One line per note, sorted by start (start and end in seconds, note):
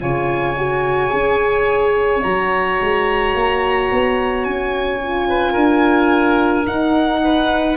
0.00 1.13 C#3
0.00 0.56 F4
0.00 5.28 C#5
0.00 2.22 G#5
0.58 1.10 F#4
1.10 2.24 C#4
1.10 2.21 G#4
2.22 2.80 F#3
2.22 5.02 F#4
2.22 4.44 A#5
2.81 3.34 G#3
3.34 3.90 A#3
3.91 4.46 B3
4.44 5.55 C#4
4.44 6.66 G#5
5.02 6.66 F4
5.28 5.52 B4
5.52 6.66 D4
5.52 7.19 A#4
6.66 7.77 D#4
6.66 7.77 F#5
7.24 7.77 B4